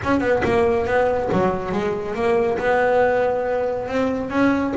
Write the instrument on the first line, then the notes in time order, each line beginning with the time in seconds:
double bass
0.03 C#4
0.20 B3
0.44 A#3
0.86 B3
1.32 F#3
1.72 G#3
2.15 A#3
2.58 B3
3.88 C4
4.30 C#4